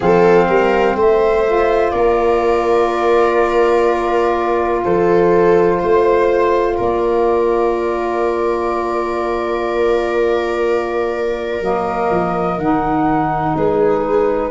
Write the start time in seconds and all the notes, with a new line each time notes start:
0.00 F3 C4 A4 F5
0.47 G3 A#4
0.95 A3 C5 E5
1.45 F4
1.90 A#3 A#4 D5
4.84 F3 A4 C5
5.79 A3 C5
6.76 A#3 A#4 D5
11.60 F#3 A#3 D#5
12.10 F3
12.57 D#3 D#4 F#5
13.55 G#3 G#4 B4